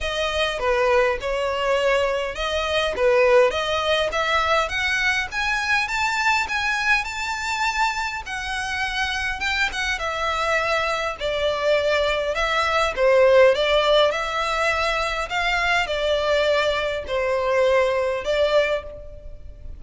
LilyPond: \new Staff \with { instrumentName = "violin" } { \time 4/4 \tempo 4 = 102 dis''4 b'4 cis''2 | dis''4 b'4 dis''4 e''4 | fis''4 gis''4 a''4 gis''4 | a''2 fis''2 |
g''8 fis''8 e''2 d''4~ | d''4 e''4 c''4 d''4 | e''2 f''4 d''4~ | d''4 c''2 d''4 | }